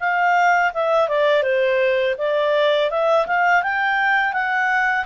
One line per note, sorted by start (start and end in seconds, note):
0.00 0.72 F5
0.74 1.08 E5
1.08 1.43 D5
1.43 2.15 C5
2.18 2.90 D5
2.90 3.27 E5
3.27 3.63 F5
3.63 4.33 G5
4.33 5.05 F#5